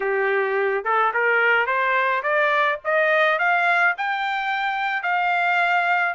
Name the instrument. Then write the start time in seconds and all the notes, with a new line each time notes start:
trumpet
0.00 G4
0.84 A4
1.13 A#4
1.66 C5
2.22 D5
2.84 D#5
3.38 F5
3.97 G5
5.02 F5